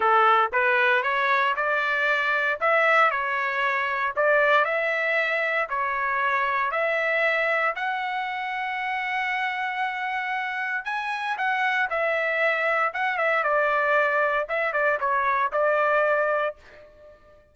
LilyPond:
\new Staff \with { instrumentName = "trumpet" } { \time 4/4 \tempo 4 = 116 a'4 b'4 cis''4 d''4~ | d''4 e''4 cis''2 | d''4 e''2 cis''4~ | cis''4 e''2 fis''4~ |
fis''1~ | fis''4 gis''4 fis''4 e''4~ | e''4 fis''8 e''8 d''2 | e''8 d''8 cis''4 d''2 | }